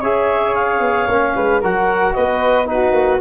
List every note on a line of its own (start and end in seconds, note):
0.00 0.79 C#4
0.00 1.09 G#4
0.00 1.33 C#5
0.00 0.54 E5
0.54 1.61 F5
0.79 1.06 B3
1.08 1.34 A#3
1.08 1.63 C#4
1.35 1.62 G#3
1.35 1.60 B4
1.60 2.15 F#3
1.60 2.65 F#4
1.60 2.13 A#4
1.60 2.13 F#5
2.13 2.91 B3
2.13 2.68 B4
2.13 2.66 D#5
2.65 3.18 D#4
2.65 3.21 F#4
2.65 3.20 B4
2.91 3.18 A#3